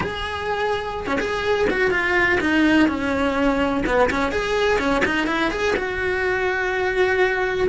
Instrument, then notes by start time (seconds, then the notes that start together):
cello
0.00 G#4
1.06 C#4
1.20 G#4
1.70 F#4
1.90 F4
2.40 D#4
2.88 C#4
3.86 B3
4.10 C#4
4.31 G#4
4.78 C#4
5.05 D#4
5.26 E4
5.50 G#4
5.76 F#4